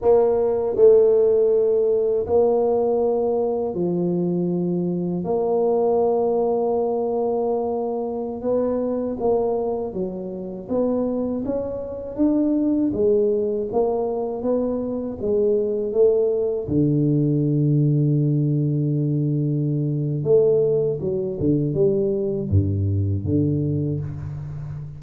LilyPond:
\new Staff \with { instrumentName = "tuba" } { \time 4/4 \tempo 4 = 80 ais4 a2 ais4~ | ais4 f2 ais4~ | ais2.~ ais16 b8.~ | b16 ais4 fis4 b4 cis'8.~ |
cis'16 d'4 gis4 ais4 b8.~ | b16 gis4 a4 d4.~ d16~ | d2. a4 | fis8 d8 g4 g,4 d4 | }